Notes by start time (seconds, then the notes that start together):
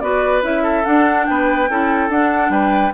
0.00 B3 F#4 B4 D5
0.42 C#4 E4 E5
0.63 A4
0.85 D4 F#5
1.26 B3 B4 G5
1.69 C#4 E4 A4
2.09 D4 F#5
2.49 G3 B4 G5